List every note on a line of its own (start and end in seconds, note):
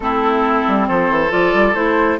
0.00 0.63 A3
0.00 1.29 C4
0.00 0.87 E4
0.00 0.87 A4
0.67 0.89 G3
0.87 1.10 F3
0.87 2.19 A4
0.87 1.31 C5
1.10 1.31 E3
1.29 1.54 F3
1.29 1.73 F4
1.29 1.74 D5
1.54 1.74 G3
1.74 2.18 A3
1.74 2.18 E4
1.74 2.18 C5